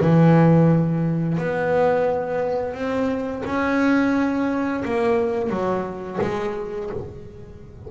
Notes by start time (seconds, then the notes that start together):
0.00 E3
1.38 B3
2.74 C4
3.45 C#4
4.84 A#3
5.49 F#3
6.21 G#3